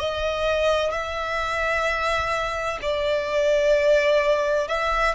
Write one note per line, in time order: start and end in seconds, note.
0.00 0.92 D#5
0.92 2.80 E5
2.83 4.68 D5
4.68 5.15 E5